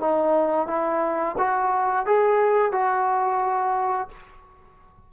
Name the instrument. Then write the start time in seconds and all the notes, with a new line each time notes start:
trombone
0.00 D#4
0.67 E4
1.38 F#4
2.06 G#4
2.72 F#4